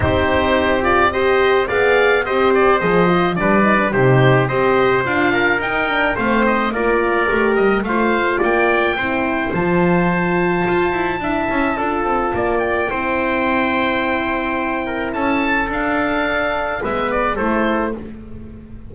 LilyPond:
<<
  \new Staff \with { instrumentName = "oboe" } { \time 4/4 \tempo 4 = 107 c''4. d''8 dis''4 f''4 | dis''8 d''8 dis''4 d''4 c''4 | dis''4 f''4 g''4 f''8 dis''8 | d''4. dis''8 f''4 g''4~ |
g''4 a''2.~ | a''2~ a''8 g''4.~ | g''2. a''4 | f''2 e''8 d''8 c''4 | }
  \new Staff \with { instrumentName = "trumpet" } { \time 4/4 g'2 c''4 d''4 | c''2 b'4 g'4 | c''4. ais'4. c''4 | ais'2 c''4 d''4 |
c''1 | e''4 a'4 d''4 c''4~ | c''2~ c''8 ais'8 a'4~ | a'2 b'4 a'4 | }
  \new Staff \with { instrumentName = "horn" } { \time 4/4 dis'4. f'8 g'4 gis'4 | g'4 gis'8 f'8 d'8 dis'16 d'16 dis'4 | g'4 f'4 dis'8 d'8 c'4 | f'4 g'4 f'2 |
e'4 f'2. | e'4 f'2 e'4~ | e'1 | d'2 b4 e'4 | }
  \new Staff \with { instrumentName = "double bass" } { \time 4/4 c'2. b4 | c'4 f4 g4 c4 | c'4 d'4 dis'4 a4 | ais4 a8 g8 a4 ais4 |
c'4 f2 f'8 e'8 | d'8 cis'8 d'8 c'8 ais4 c'4~ | c'2. cis'4 | d'2 gis4 a4 | }
>>